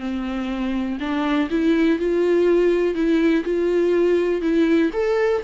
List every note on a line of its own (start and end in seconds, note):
0.00 0.98 C4
1.00 1.50 D4
1.51 1.99 E4
1.99 2.95 F4
2.95 3.44 E4
3.45 4.42 F4
4.42 4.91 E4
4.93 5.43 A4